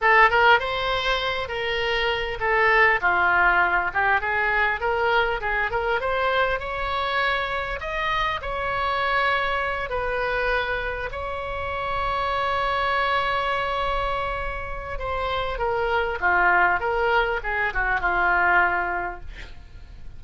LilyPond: \new Staff \with { instrumentName = "oboe" } { \time 4/4 \tempo 4 = 100 a'8 ais'8 c''4. ais'4. | a'4 f'4. g'8 gis'4 | ais'4 gis'8 ais'8 c''4 cis''4~ | cis''4 dis''4 cis''2~ |
cis''8 b'2 cis''4.~ | cis''1~ | cis''4 c''4 ais'4 f'4 | ais'4 gis'8 fis'8 f'2 | }